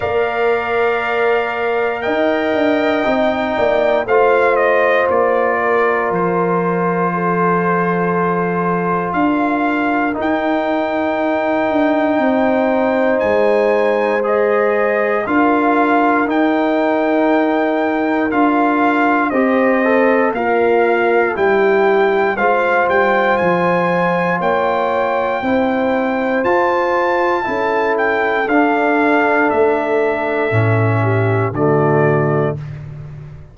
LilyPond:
<<
  \new Staff \with { instrumentName = "trumpet" } { \time 4/4 \tempo 4 = 59 f''2 g''2 | f''8 dis''8 d''4 c''2~ | c''4 f''4 g''2~ | g''4 gis''4 dis''4 f''4 |
g''2 f''4 dis''4 | f''4 g''4 f''8 g''8 gis''4 | g''2 a''4. g''8 | f''4 e''2 d''4 | }
  \new Staff \with { instrumentName = "horn" } { \time 4/4 d''2 dis''4. d''8 | c''4. ais'4. a'4~ | a'4 ais'2. | c''2. ais'4~ |
ais'2. c''4 | f'4 g'4 c''2 | cis''4 c''2 a'4~ | a'2~ a'8 g'8 fis'4 | }
  \new Staff \with { instrumentName = "trombone" } { \time 4/4 ais'2. dis'4 | f'1~ | f'2 dis'2~ | dis'2 gis'4 f'4 |
dis'2 f'4 g'8 a'8 | ais'4 e'4 f'2~ | f'4 e'4 f'4 e'4 | d'2 cis'4 a4 | }
  \new Staff \with { instrumentName = "tuba" } { \time 4/4 ais2 dis'8 d'8 c'8 ais8 | a4 ais4 f2~ | f4 d'4 dis'4. d'8 | c'4 gis2 d'4 |
dis'2 d'4 c'4 | ais4 g4 gis8 g8 f4 | ais4 c'4 f'4 cis'4 | d'4 a4 a,4 d4 | }
>>